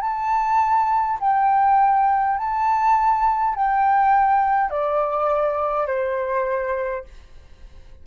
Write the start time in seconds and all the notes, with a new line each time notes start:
0.00 A5
1.20 G5
2.37 A5
3.55 G5
4.70 D5
5.87 C5